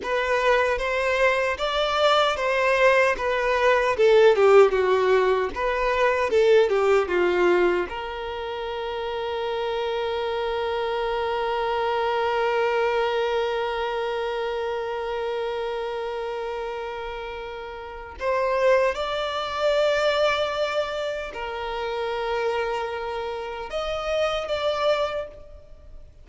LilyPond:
\new Staff \with { instrumentName = "violin" } { \time 4/4 \tempo 4 = 76 b'4 c''4 d''4 c''4 | b'4 a'8 g'8 fis'4 b'4 | a'8 g'8 f'4 ais'2~ | ais'1~ |
ais'1~ | ais'2. c''4 | d''2. ais'4~ | ais'2 dis''4 d''4 | }